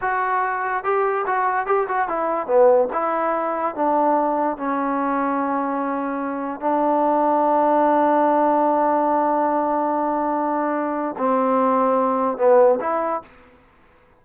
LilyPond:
\new Staff \with { instrumentName = "trombone" } { \time 4/4 \tempo 4 = 145 fis'2 g'4 fis'4 | g'8 fis'8 e'4 b4 e'4~ | e'4 d'2 cis'4~ | cis'1 |
d'1~ | d'1~ | d'2. c'4~ | c'2 b4 e'4 | }